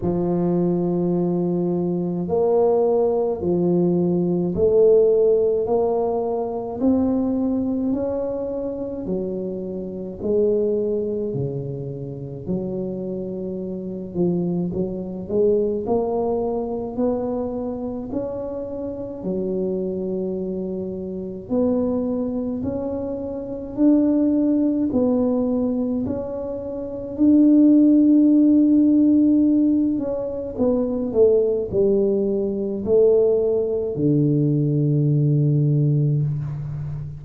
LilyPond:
\new Staff \with { instrumentName = "tuba" } { \time 4/4 \tempo 4 = 53 f2 ais4 f4 | a4 ais4 c'4 cis'4 | fis4 gis4 cis4 fis4~ | fis8 f8 fis8 gis8 ais4 b4 |
cis'4 fis2 b4 | cis'4 d'4 b4 cis'4 | d'2~ d'8 cis'8 b8 a8 | g4 a4 d2 | }